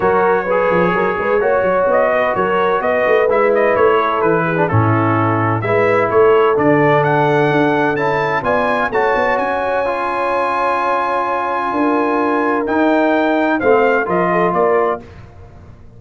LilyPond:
<<
  \new Staff \with { instrumentName = "trumpet" } { \time 4/4 \tempo 4 = 128 cis''1 | dis''4 cis''4 dis''4 e''8 dis''8 | cis''4 b'4 a'2 | e''4 cis''4 d''4 fis''4~ |
fis''4 a''4 gis''4 a''4 | gis''1~ | gis''2. g''4~ | g''4 f''4 dis''4 d''4 | }
  \new Staff \with { instrumentName = "horn" } { \time 4/4 ais'4 b'4 ais'8 b'8 cis''4~ | cis''8 b'8 ais'4 b'2~ | b'8 a'4 gis'8 e'2 | b'4 a'2.~ |
a'2 d''4 cis''4~ | cis''1~ | cis''4 ais'2.~ | ais'4 c''4 ais'8 a'8 ais'4 | }
  \new Staff \with { instrumentName = "trombone" } { \time 4/4 fis'4 gis'2 fis'4~ | fis'2. e'4~ | e'4.~ e'16 d'16 cis'2 | e'2 d'2~ |
d'4 e'4 f'4 fis'4~ | fis'4 f'2.~ | f'2. dis'4~ | dis'4 c'4 f'2 | }
  \new Staff \with { instrumentName = "tuba" } { \time 4/4 fis4. f8 fis8 gis8 ais8 fis8 | b4 fis4 b8 a8 gis4 | a4 e4 a,2 | gis4 a4 d2 |
d'4 cis'4 b4 a8 b8 | cis'1~ | cis'4 d'2 dis'4~ | dis'4 a4 f4 ais4 | }
>>